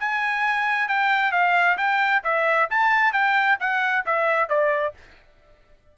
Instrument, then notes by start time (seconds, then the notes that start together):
trumpet
0.00 G#5
0.89 G5
1.32 F5
1.78 G5
2.24 E5
2.70 A5
3.13 G5
3.60 F#5
4.06 E5
4.49 D5